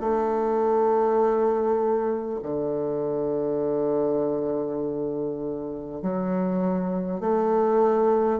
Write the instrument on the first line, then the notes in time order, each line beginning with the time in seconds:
bassoon
0.00 A3
2.43 D3
6.02 F#3
7.21 A3